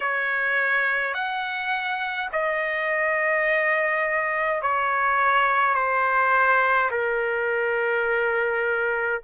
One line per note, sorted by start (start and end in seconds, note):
0.00 1.14 C#5
1.14 2.29 F#5
2.32 4.62 D#5
4.62 5.74 C#5
5.74 6.89 C5
6.90 9.21 A#4